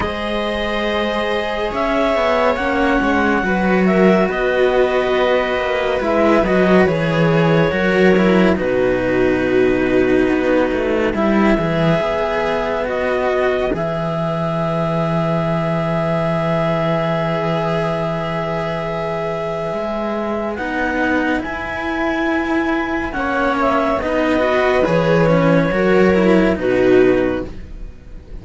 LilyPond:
<<
  \new Staff \with { instrumentName = "clarinet" } { \time 4/4 \tempo 4 = 70 dis''2 e''4 fis''4~ | fis''8 e''8 dis''2 e''8 dis''8 | cis''2 b'2~ | b'4 e''2 dis''4 |
e''1~ | e''1 | fis''4 gis''2 fis''8 e''8 | dis''4 cis''2 b'4 | }
  \new Staff \with { instrumentName = "viola" } { \time 4/4 c''2 cis''2 | b'8 ais'8 b'2.~ | b'4 ais'4 fis'2~ | fis'4 b'2.~ |
b'1~ | b'1~ | b'2. cis''4 | b'2 ais'4 fis'4 | }
  \new Staff \with { instrumentName = "cello" } { \time 4/4 gis'2. cis'4 | fis'2. e'8 fis'8 | gis'4 fis'8 e'8 dis'2~ | dis'4 e'8 gis'4. fis'4 |
gis'1~ | gis'1 | dis'4 e'2 cis'4 | dis'8 fis'8 gis'8 cis'8 fis'8 e'8 dis'4 | }
  \new Staff \with { instrumentName = "cello" } { \time 4/4 gis2 cis'8 b8 ais8 gis8 | fis4 b4. ais8 gis8 fis8 | e4 fis4 b,2 | b8 a8 g8 e8 b2 |
e1~ | e2. gis4 | b4 e'2 ais4 | b4 e4 fis4 b,4 | }
>>